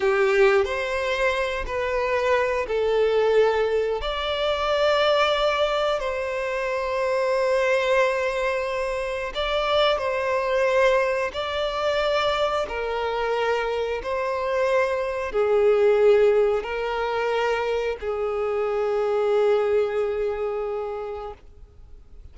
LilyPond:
\new Staff \with { instrumentName = "violin" } { \time 4/4 \tempo 4 = 90 g'4 c''4. b'4. | a'2 d''2~ | d''4 c''2.~ | c''2 d''4 c''4~ |
c''4 d''2 ais'4~ | ais'4 c''2 gis'4~ | gis'4 ais'2 gis'4~ | gis'1 | }